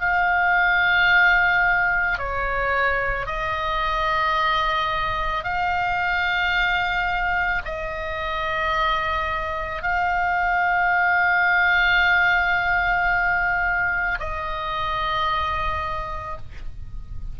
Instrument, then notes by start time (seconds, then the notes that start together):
oboe
0.00 F5
2.18 C#5
3.26 D#5
5.44 F5
7.65 D#5
9.82 F5
14.19 D#5